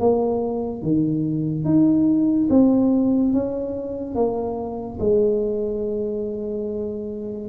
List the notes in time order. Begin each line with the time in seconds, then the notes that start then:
0.00 A#3
0.82 D#3
1.65 D#4
2.50 C4
3.33 C#4
4.15 A#3
5.00 G#3